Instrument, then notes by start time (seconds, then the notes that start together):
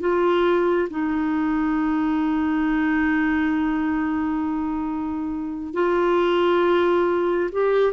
clarinet
0.00 F4
0.89 D#4
5.73 F4
7.52 G4